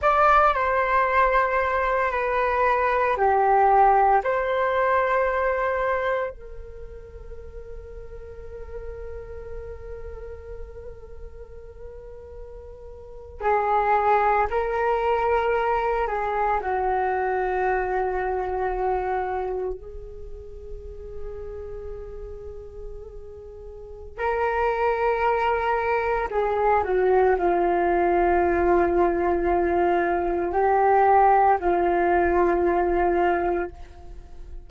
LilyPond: \new Staff \with { instrumentName = "flute" } { \time 4/4 \tempo 4 = 57 d''8 c''4. b'4 g'4 | c''2 ais'2~ | ais'1~ | ais'8. gis'4 ais'4. gis'8 fis'16~ |
fis'2~ fis'8. gis'4~ gis'16~ | gis'2. ais'4~ | ais'4 gis'8 fis'8 f'2~ | f'4 g'4 f'2 | }